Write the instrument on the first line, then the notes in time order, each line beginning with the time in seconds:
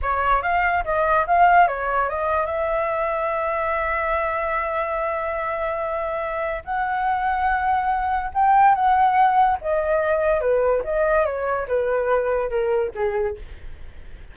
flute
0.02 C#5
0.42 F5
0.84 D#5
1.27 F5
1.67 C#5
2.09 D#5
2.46 E5
6.64 F#5
8.34 G5
8.74 F#5
9.61 D#5
10.40 B4
10.84 D#5
11.25 C#5
11.68 B4
12.49 A#4
12.95 G#4